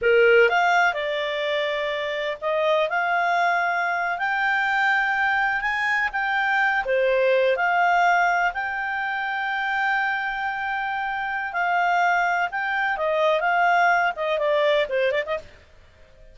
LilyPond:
\new Staff \with { instrumentName = "clarinet" } { \time 4/4 \tempo 4 = 125 ais'4 f''4 d''2~ | d''4 dis''4 f''2~ | f''8. g''2. gis''16~ | gis''8. g''4. c''4. f''16~ |
f''4.~ f''16 g''2~ g''16~ | g''1 | f''2 g''4 dis''4 | f''4. dis''8 d''4 c''8 d''16 dis''16 | }